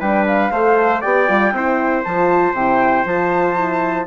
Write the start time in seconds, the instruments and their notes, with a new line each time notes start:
0.00 bassoon G3, horn D4, trumpet B4, flute G5
0.27 flute F5
0.51 bassoon A3, horn A4, trumpet C5
1.01 bassoon B3, horn G4, trumpet D5, flute G5
1.27 bassoon G3, horn F4
1.52 bassoon C4, horn E4, trumpet C5
2.03 bassoon F3, horn F4, flute A5
2.53 bassoon C3, horn E4, flute G5
3.05 bassoon F3, horn F4, flute A5
3.55 horn E4